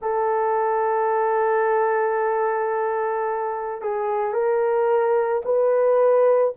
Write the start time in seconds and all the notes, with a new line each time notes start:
0.01 A4
3.81 G#4
4.33 A#4
5.44 B4